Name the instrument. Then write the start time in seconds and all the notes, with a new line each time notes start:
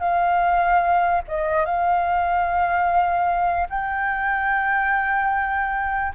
flute
0.00 F5
1.28 D#5
1.65 F5
3.70 G5